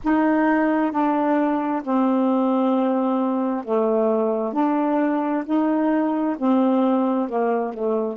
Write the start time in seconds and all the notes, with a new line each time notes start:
0.04 D#4
0.91 D4
1.83 C4
3.64 A3
4.53 D4
5.45 D#4
6.38 C4
7.29 A#3
7.73 A3